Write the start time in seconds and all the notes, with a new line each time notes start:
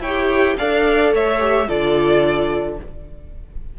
0.00 E4 C#5 G5
0.07 G4
0.58 D4 A4 D5 F5
1.13 A3 C#5 E5
1.39 G4
1.68 D3 F4 A4 D5